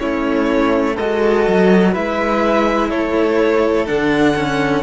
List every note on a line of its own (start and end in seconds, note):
0.00 0.99 A3
0.00 0.97 C#4
0.00 0.96 E4
0.00 0.97 C#5
0.96 1.47 G#3
0.96 1.94 F#4
0.96 1.93 A4
0.96 1.94 D#5
1.48 1.96 F#3
1.93 2.92 G#3
1.93 3.86 E4
1.93 2.89 B4
1.93 2.90 E5
2.90 3.89 A3
2.90 4.83 A4
2.90 3.87 C#5
3.86 4.83 D3
3.86 4.35 D4
3.86 4.83 F#5
4.36 4.83 C#4